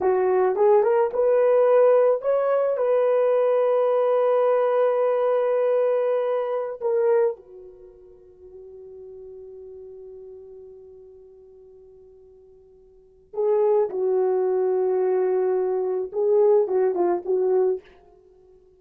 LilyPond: \new Staff \with { instrumentName = "horn" } { \time 4/4 \tempo 4 = 108 fis'4 gis'8 ais'8 b'2 | cis''4 b'2.~ | b'1~ | b'16 ais'4 fis'2~ fis'8.~ |
fis'1~ | fis'1 | gis'4 fis'2.~ | fis'4 gis'4 fis'8 f'8 fis'4 | }